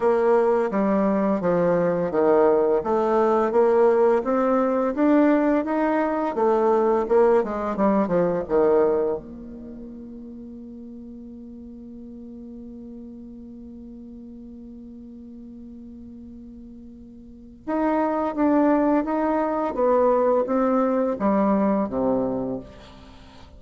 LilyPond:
\new Staff \with { instrumentName = "bassoon" } { \time 4/4 \tempo 4 = 85 ais4 g4 f4 dis4 | a4 ais4 c'4 d'4 | dis'4 a4 ais8 gis8 g8 f8 | dis4 ais2.~ |
ais1~ | ais1~ | ais4 dis'4 d'4 dis'4 | b4 c'4 g4 c4 | }